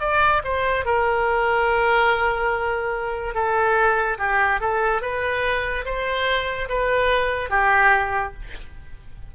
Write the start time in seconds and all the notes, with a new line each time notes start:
0.00 D5
0.44 C5
0.85 A#4
3.34 A4
4.18 G4
4.60 A4
5.02 B4
5.85 C5
6.69 B4
7.50 G4